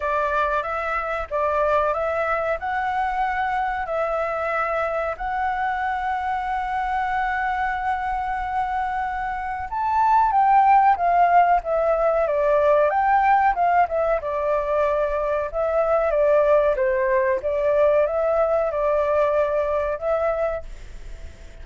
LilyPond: \new Staff \with { instrumentName = "flute" } { \time 4/4 \tempo 4 = 93 d''4 e''4 d''4 e''4 | fis''2 e''2 | fis''1~ | fis''2. a''4 |
g''4 f''4 e''4 d''4 | g''4 f''8 e''8 d''2 | e''4 d''4 c''4 d''4 | e''4 d''2 e''4 | }